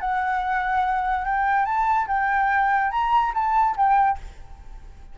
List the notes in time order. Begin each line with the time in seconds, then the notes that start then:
0.00 F#5
1.25 G5
1.65 A5
2.07 G5
2.91 A#5
3.34 A5
3.76 G5